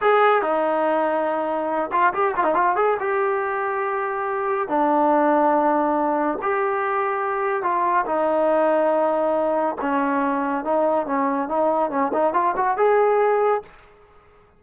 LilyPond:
\new Staff \with { instrumentName = "trombone" } { \time 4/4 \tempo 4 = 141 gis'4 dis'2.~ | dis'8 f'8 g'8 f'16 dis'16 f'8 gis'8 g'4~ | g'2. d'4~ | d'2. g'4~ |
g'2 f'4 dis'4~ | dis'2. cis'4~ | cis'4 dis'4 cis'4 dis'4 | cis'8 dis'8 f'8 fis'8 gis'2 | }